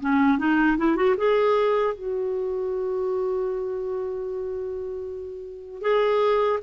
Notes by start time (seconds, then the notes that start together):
0.00 C#4
0.38 D#4
0.77 E4
0.96 F#4
1.17 G#4
1.94 F#4
5.81 G#4